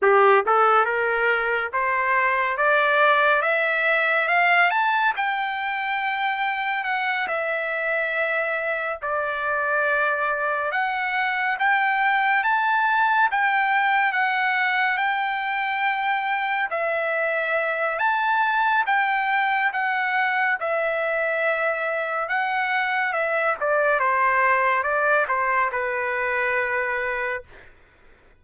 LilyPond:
\new Staff \with { instrumentName = "trumpet" } { \time 4/4 \tempo 4 = 70 g'8 a'8 ais'4 c''4 d''4 | e''4 f''8 a''8 g''2 | fis''8 e''2 d''4.~ | d''8 fis''4 g''4 a''4 g''8~ |
g''8 fis''4 g''2 e''8~ | e''4 a''4 g''4 fis''4 | e''2 fis''4 e''8 d''8 | c''4 d''8 c''8 b'2 | }